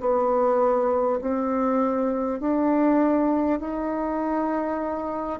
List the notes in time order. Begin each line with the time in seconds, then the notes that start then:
0.00 B3
1.21 C4
2.39 D4
3.59 D#4